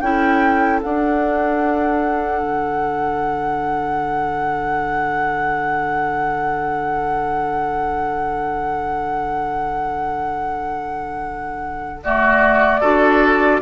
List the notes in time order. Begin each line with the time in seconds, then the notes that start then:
0.00 C#4 E4 A4 G5
0.82 D4 F#5
2.42 D3
12.03 A3 F#4 D5
12.80 D4 F#4 A4